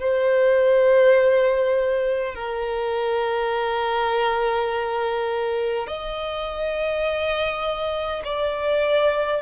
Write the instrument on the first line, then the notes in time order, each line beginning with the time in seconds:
violin
0.00 C5
2.35 A#4
5.88 D#5
8.25 D5